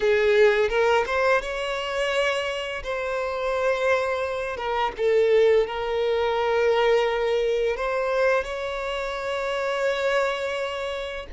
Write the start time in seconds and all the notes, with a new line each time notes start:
0.00 G#4
0.69 A#4
1.06 C5
1.41 C#5
2.83 C5
4.57 A#4
4.97 A4
5.66 A#4
7.76 C5
8.44 C#5